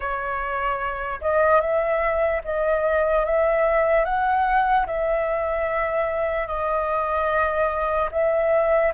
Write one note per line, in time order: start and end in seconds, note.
0.00 1.19 C#5
1.21 1.60 D#5
1.60 2.41 E5
2.44 3.25 D#5
3.25 4.04 E5
4.04 4.85 F#5
4.86 6.46 E5
6.46 8.09 D#5
8.11 8.92 E5